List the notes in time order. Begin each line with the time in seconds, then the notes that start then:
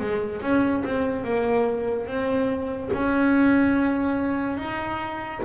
0.00 G#3
0.42 C#4
0.84 C4
1.24 A#3
2.07 C4
2.93 C#4
4.57 D#4